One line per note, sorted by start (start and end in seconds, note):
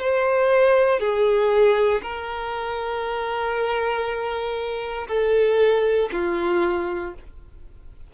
0.00 1.00 C5
1.00 2.02 G#4
2.02 5.08 A#4
5.08 6.10 A4
6.12 7.14 F4